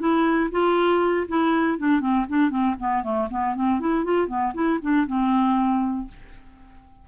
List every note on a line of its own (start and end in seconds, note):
0.00 0.50 E4
0.51 1.27 F4
1.28 1.79 E4
1.79 2.01 D4
2.01 2.26 C4
2.29 2.50 D4
2.50 2.75 C4
2.80 3.04 B3
3.04 3.29 A3
3.30 3.55 B3
3.55 3.80 C4
3.80 4.05 E4
4.05 4.28 F4
4.28 4.53 B3
4.54 4.80 E4
4.82 5.07 D4
5.07 6.08 C4